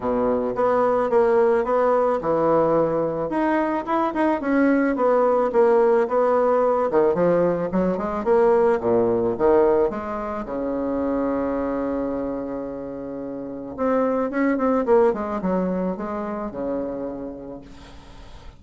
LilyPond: \new Staff \with { instrumentName = "bassoon" } { \time 4/4 \tempo 4 = 109 b,4 b4 ais4 b4 | e2 dis'4 e'8 dis'8 | cis'4 b4 ais4 b4~ | b8 dis8 f4 fis8 gis8 ais4 |
ais,4 dis4 gis4 cis4~ | cis1~ | cis4 c'4 cis'8 c'8 ais8 gis8 | fis4 gis4 cis2 | }